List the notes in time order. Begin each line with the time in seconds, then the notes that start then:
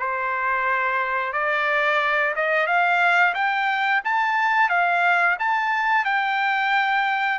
0.00 C5
1.33 D5
2.36 D#5
2.67 F5
3.35 G5
4.05 A5
4.70 F5
5.40 A5
6.05 G5